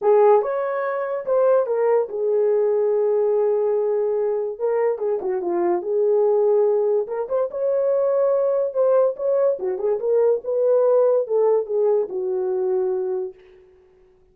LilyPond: \new Staff \with { instrumentName = "horn" } { \time 4/4 \tempo 4 = 144 gis'4 cis''2 c''4 | ais'4 gis'2.~ | gis'2. ais'4 | gis'8 fis'8 f'4 gis'2~ |
gis'4 ais'8 c''8 cis''2~ | cis''4 c''4 cis''4 fis'8 gis'8 | ais'4 b'2 a'4 | gis'4 fis'2. | }